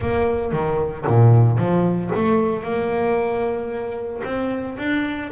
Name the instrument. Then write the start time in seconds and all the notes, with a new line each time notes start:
double bass
0.00 A#3
0.52 D#3
1.06 A#2
1.57 F3
2.15 A3
2.63 A#3
4.24 C4
4.78 D4